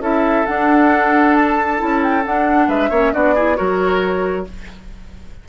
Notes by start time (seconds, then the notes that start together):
0.00 C#4 E4 A4 E5
0.46 D4 F#5
1.35 A5
1.78 C#4 E4
2.03 G5
2.26 D4 F#5
2.68 G#3 B4 E5
2.90 A#3 C#4 C#5
3.13 B3 D4 F#4 D5
3.35 E4 G#4
3.56 F#3 F#4 A#4 C#5